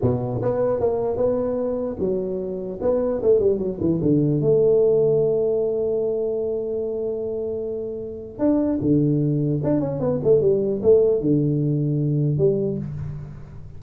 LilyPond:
\new Staff \with { instrumentName = "tuba" } { \time 4/4 \tempo 4 = 150 b,4 b4 ais4 b4~ | b4 fis2 b4 | a8 g8 fis8 e8 d4 a4~ | a1~ |
a1~ | a4 d'4 d2 | d'8 cis'8 b8 a8 g4 a4 | d2. g4 | }